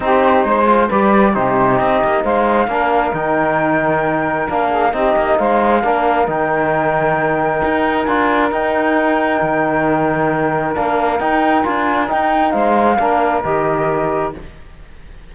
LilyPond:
<<
  \new Staff \with { instrumentName = "flute" } { \time 4/4 \tempo 4 = 134 c''2 d''4 c''4 | dis''4 f''2 g''4~ | g''2 f''4 dis''4 | f''2 g''2~ |
g''2 gis''4 g''4~ | g''1 | f''4 g''4 gis''4 g''4 | f''2 dis''2 | }
  \new Staff \with { instrumentName = "saxophone" } { \time 4/4 g'4 c''4 b'4 g'4~ | g'4 c''4 ais'2~ | ais'2~ ais'8 gis'8 g'4 | c''4 ais'2.~ |
ais'1~ | ais'1~ | ais'1 | c''4 ais'2. | }
  \new Staff \with { instrumentName = "trombone" } { \time 4/4 dis'4. f'8 g'4 dis'4~ | dis'2 d'4 dis'4~ | dis'2 d'4 dis'4~ | dis'4 d'4 dis'2~ |
dis'2 f'4 dis'4~ | dis'1 | d'4 dis'4 f'4 dis'4~ | dis'4 d'4 g'2 | }
  \new Staff \with { instrumentName = "cello" } { \time 4/4 c'4 gis4 g4 c4 | c'8 ais8 gis4 ais4 dis4~ | dis2 ais4 c'8 ais8 | gis4 ais4 dis2~ |
dis4 dis'4 d'4 dis'4~ | dis'4 dis2. | ais4 dis'4 d'4 dis'4 | gis4 ais4 dis2 | }
>>